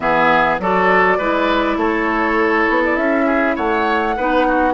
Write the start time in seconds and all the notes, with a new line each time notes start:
0.00 E3 B3 G#4 E5
0.59 F#3 F#4 A4 D5
1.18 G#3 E4 B4
1.76 A3 A4 C#5
2.69 B3
2.85 D5
2.96 C#4 E5
3.26 G#4
3.55 A3 C#5 F#5
4.16 B3 D#4 B4
4.48 F#4